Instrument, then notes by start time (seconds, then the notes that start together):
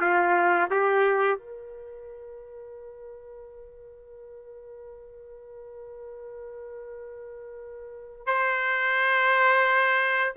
trumpet
0.00 F4
0.70 G4
1.39 A#4
8.26 C5